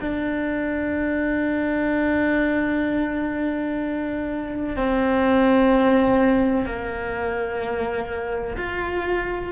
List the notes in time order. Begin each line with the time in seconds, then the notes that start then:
0.00 D4
4.76 C4
6.66 A#3
8.57 F4